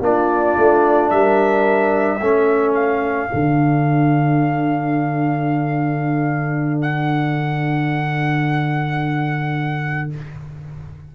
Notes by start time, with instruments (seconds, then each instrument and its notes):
0.00 tuba A#3, trombone D4, horn F4, trumpet D5
0.57 tuba A3
1.10 tuba G3, horn A#4, trumpet E5
2.20 tuba A3, trombone C#4, horn A4
2.74 trumpet F5
3.29 tuba D3, trombone D4
6.82 trumpet F#5